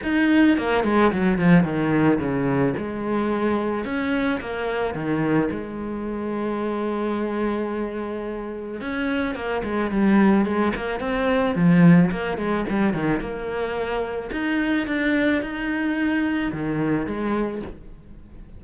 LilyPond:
\new Staff \with { instrumentName = "cello" } { \time 4/4 \tempo 4 = 109 dis'4 ais8 gis8 fis8 f8 dis4 | cis4 gis2 cis'4 | ais4 dis4 gis2~ | gis1 |
cis'4 ais8 gis8 g4 gis8 ais8 | c'4 f4 ais8 gis8 g8 dis8 | ais2 dis'4 d'4 | dis'2 dis4 gis4 | }